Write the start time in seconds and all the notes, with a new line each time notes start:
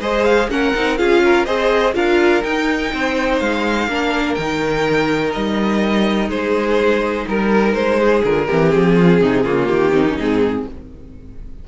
0.00 G#3 G#4 C5 D#5
0.25 F5
0.47 A#3 C#4 A#4 F#5
0.75 C4 D#4
0.97 C#4 F4 G#4 F5
1.23 A#4
1.45 C4 G#4 C5 D#5
1.94 D4 F4 A#4 F5
2.44 D#4 G5
2.93 C4 C5
3.40 G#3 F5
3.88 A#3 D4 A#4
4.34 D#3 G5
4.41 D#4
5.33 G3 D#5
6.29 G#3 G#4 C5
7.28 G3 A#4
7.74 G#3 C5
8.00 G#4
8.24 D3 F4 A#4
8.47 E3 C4 G4
8.71 F3 G#4
8.95 F4
9.21 C3 D#4
9.44 C#3 A#3 F4
9.66 D#3 G4
9.93 C4 D#4
10.10 C#4
10.17 G#2 C4 G#4